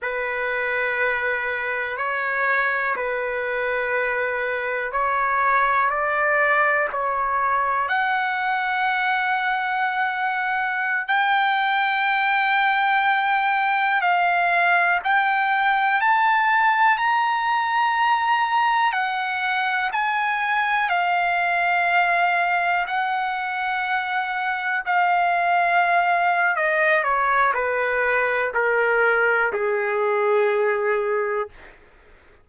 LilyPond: \new Staff \with { instrumentName = "trumpet" } { \time 4/4 \tempo 4 = 61 b'2 cis''4 b'4~ | b'4 cis''4 d''4 cis''4 | fis''2.~ fis''16 g''8.~ | g''2~ g''16 f''4 g''8.~ |
g''16 a''4 ais''2 fis''8.~ | fis''16 gis''4 f''2 fis''8.~ | fis''4~ fis''16 f''4.~ f''16 dis''8 cis''8 | b'4 ais'4 gis'2 | }